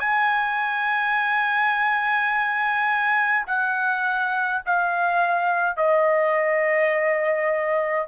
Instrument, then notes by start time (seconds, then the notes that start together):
trumpet
0.00 G#5
3.47 F#5
4.66 F5
5.77 D#5